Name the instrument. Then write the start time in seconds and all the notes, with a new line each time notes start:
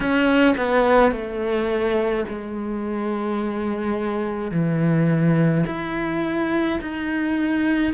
cello
0.00 C#4
0.57 B3
1.11 A3
2.28 G#3
4.51 E3
5.66 E4
6.81 D#4